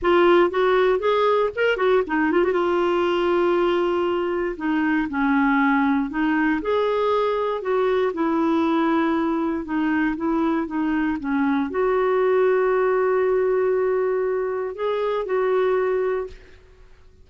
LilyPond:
\new Staff \with { instrumentName = "clarinet" } { \time 4/4 \tempo 4 = 118 f'4 fis'4 gis'4 ais'8 fis'8 | dis'8 f'16 fis'16 f'2.~ | f'4 dis'4 cis'2 | dis'4 gis'2 fis'4 |
e'2. dis'4 | e'4 dis'4 cis'4 fis'4~ | fis'1~ | fis'4 gis'4 fis'2 | }